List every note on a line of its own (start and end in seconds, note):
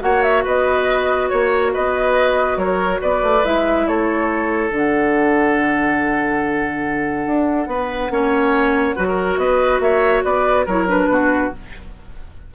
0.00 0.45 A#3
0.00 3.40 F#4
0.00 0.44 C#5
0.00 0.23 F#5
0.23 0.44 E5
0.44 1.31 B3
0.44 1.29 B4
0.44 1.29 D#5
1.29 1.75 A#3
1.29 1.71 C#5
1.29 1.73 C#5
1.73 2.57 B3
1.73 2.58 B4
1.73 2.58 D#5
2.57 2.99 F#3
2.57 3.00 A#4
2.57 3.01 C#5
3.01 3.22 B3
3.01 3.86 B4
3.01 3.45 D5
3.22 3.44 A3
3.45 3.87 G#3
3.45 4.71 E4
3.45 3.87 E5
3.87 4.71 A3
3.87 7.69 A4
3.87 4.71 C#5
4.71 7.26 D3
4.71 8.11 D4
4.71 9.37 F#5
7.27 7.67 D4
7.67 8.09 B3
7.67 8.12 B4
8.10 8.95 A#3
8.10 8.96 C#4
8.10 8.96 C#5
8.96 9.37 F#3
8.96 10.66 F#4
8.96 9.06 B4
9.08 9.39 A#4
9.37 9.80 B3
9.37 9.82 B4
9.37 9.80 D#5
9.80 10.22 A#3
9.80 10.25 C#5
9.80 10.23 E5
10.24 10.67 B3
10.24 10.66 B4
10.24 10.67 D5
10.66 11.07 F#3
10.66 10.88 E4
10.66 11.08 A#4
10.66 10.88 C#5
10.88 11.52 D4
10.88 11.53 B4
11.07 11.50 B2
11.07 11.54 F#4